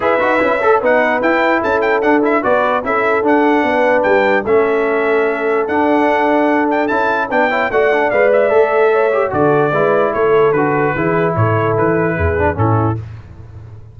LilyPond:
<<
  \new Staff \with { instrumentName = "trumpet" } { \time 4/4 \tempo 4 = 148 e''2 fis''4 g''4 | a''8 g''8 fis''8 e''8 d''4 e''4 | fis''2 g''4 e''4~ | e''2 fis''2~ |
fis''8 g''8 a''4 g''4 fis''4 | f''8 e''2~ e''8 d''4~ | d''4 cis''4 b'2 | cis''4 b'2 a'4 | }
  \new Staff \with { instrumentName = "horn" } { \time 4/4 b'4. a'8 b'2 | a'2 b'4 a'4~ | a'4 b'2 a'4~ | a'1~ |
a'2 b'8 cis''8 d''4~ | d''2 cis''4 a'4 | b'4 a'2 gis'4 | a'2 gis'4 e'4 | }
  \new Staff \with { instrumentName = "trombone" } { \time 4/4 gis'8 fis'8 e'8 a'8 dis'4 e'4~ | e'4 d'8 e'8 fis'4 e'4 | d'2. cis'4~ | cis'2 d'2~ |
d'4 e'4 d'8 e'8 fis'8 d'8 | b'4 a'4. g'8 fis'4 | e'2 fis'4 e'4~ | e'2~ e'8 d'8 cis'4 | }
  \new Staff \with { instrumentName = "tuba" } { \time 4/4 e'8 dis'8 cis'4 b4 e'4 | cis'4 d'4 b4 cis'4 | d'4 b4 g4 a4~ | a2 d'2~ |
d'4 cis'4 b4 a4 | gis4 a2 d4 | gis4 a4 d4 e4 | a,4 e4 e,4 a,4 | }
>>